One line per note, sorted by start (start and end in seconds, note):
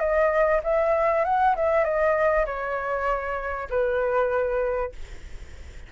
0.00 0.61 D#5
0.64 1.25 E5
1.25 1.56 F#5
1.56 1.85 E5
1.85 2.46 D#5
2.46 3.68 C#5
3.70 4.93 B4